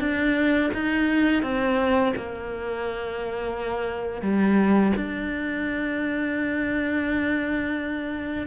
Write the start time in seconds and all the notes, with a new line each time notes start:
0.00 D4
0.74 D#4
1.43 C4
2.16 A#3
4.22 G3
4.96 D4